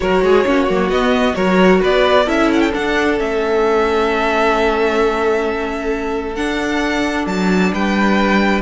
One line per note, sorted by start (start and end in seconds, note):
0.00 0.22 F#3
0.00 0.45 F#4
0.00 0.23 A#4
0.00 0.90 C#5
0.22 0.44 G#3
0.22 0.46 G#4
0.45 0.68 A#3
0.45 0.67 C#4
0.45 1.36 F#4
0.68 0.88 F#3
0.68 0.91 A#3
0.88 1.34 B3
0.88 1.35 D#5
1.34 1.81 F#3
1.34 2.24 F#4
1.34 1.80 A#4
1.34 1.80 C#5
1.80 2.27 B3
1.80 2.25 B4
1.80 2.28 D5
2.25 2.73 C#4
2.25 2.71 E4
2.25 7.71 A4
2.25 2.51 E5
2.52 2.60 F#5
2.60 2.71 G5
2.73 3.16 D4
2.73 3.20 D4
2.73 3.19 F#5
3.16 6.37 A3
3.16 6.34 C#4
3.16 6.35 E5
6.35 8.61 D4
6.35 7.26 D4
6.35 7.26 F#5
7.26 7.71 F#3
7.26 7.73 A5
7.72 8.61 G3
7.72 8.61 B4
7.72 8.61 G5